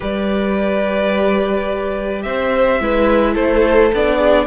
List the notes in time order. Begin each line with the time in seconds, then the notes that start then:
0.00 G3 G4 B4 D5
2.22 C4 C5 E5
2.80 G#3 E4 B4
3.34 A3 A4 C5
3.93 B3 D4 D5
4.17 G#4